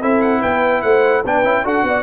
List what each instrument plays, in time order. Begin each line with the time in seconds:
0.00 tuba C4, trombone E4, horn A4, trumpet E5
0.21 trumpet F#5
0.41 tuba B3, horn B4, trumpet G5
0.82 tuba A3, horn C5, trumpet F#5
1.25 tuba B3, trombone D4, horn B4, trumpet G5
1.44 tuba C#4, trombone E4
1.64 tuba D4, trombone F#4, horn A4, trumpet F#5
1.83 tuba B3, horn D5